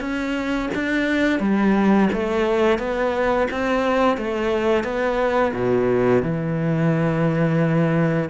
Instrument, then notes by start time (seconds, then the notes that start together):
cello
0.00 C#4
0.74 D4
1.39 G3
2.13 A3
2.78 B3
3.51 C4
4.17 A3
4.84 B3
5.54 B2
6.22 E3